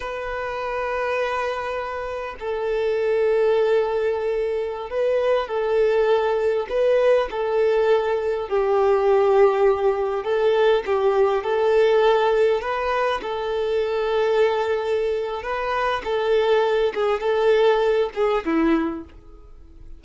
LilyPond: \new Staff \with { instrumentName = "violin" } { \time 4/4 \tempo 4 = 101 b'1 | a'1~ | a'16 b'4 a'2 b'8.~ | b'16 a'2 g'4.~ g'16~ |
g'4~ g'16 a'4 g'4 a'8.~ | a'4~ a'16 b'4 a'4.~ a'16~ | a'2 b'4 a'4~ | a'8 gis'8 a'4. gis'8 e'4 | }